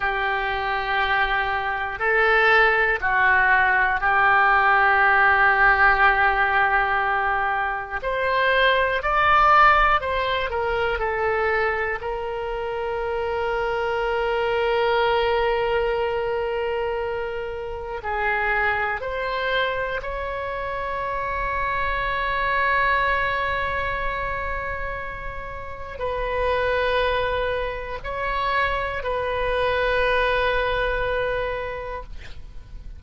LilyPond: \new Staff \with { instrumentName = "oboe" } { \time 4/4 \tempo 4 = 60 g'2 a'4 fis'4 | g'1 | c''4 d''4 c''8 ais'8 a'4 | ais'1~ |
ais'2 gis'4 c''4 | cis''1~ | cis''2 b'2 | cis''4 b'2. | }